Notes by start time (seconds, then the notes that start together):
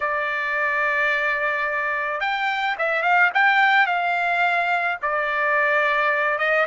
0.00 D5
2.20 G5
2.78 E5
3.02 F5
3.33 G5
3.86 F5
5.02 D5
6.38 D#5